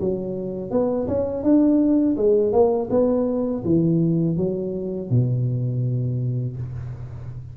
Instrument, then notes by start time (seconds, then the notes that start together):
tuba
0.00 F#3
0.71 B3
1.08 C#4
1.43 D4
2.17 G#3
2.52 A#3
2.90 B3
3.65 E3
4.37 F#3
5.10 B2